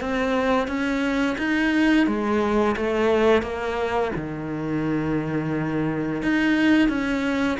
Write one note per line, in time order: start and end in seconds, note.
0.00 0.67 C4
0.67 1.36 C#4
1.38 2.06 D#4
2.06 2.75 G#3
2.76 3.42 A3
3.42 4.11 A#3
4.15 6.22 D#3
6.22 6.88 D#4
6.88 7.57 C#4